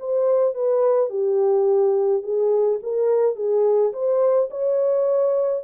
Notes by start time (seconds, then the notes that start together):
0.00 C5
0.55 B4
1.10 G4
2.23 G#4
2.83 A#4
3.36 G#4
3.93 C5
4.51 C#5